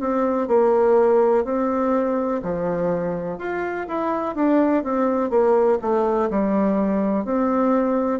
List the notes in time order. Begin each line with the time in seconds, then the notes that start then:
0.00 C4
0.48 A#3
1.44 C4
2.42 F3
3.38 F4
3.88 E4
4.35 D4
4.83 C4
5.30 A#3
5.81 A3
6.30 G3
7.25 C4